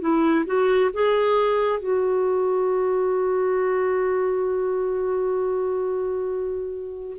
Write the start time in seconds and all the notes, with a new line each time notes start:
0.00 E4
0.46 F#4
0.93 G#4
1.79 F#4